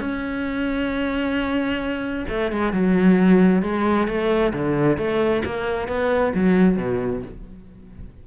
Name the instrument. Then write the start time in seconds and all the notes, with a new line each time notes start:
cello
0.00 C#4
2.29 A3
2.51 G#3
2.73 F#3
3.62 G#3
4.07 A3
4.53 D3
4.98 A3
5.45 A#3
5.88 B3
6.34 F#3
6.77 B2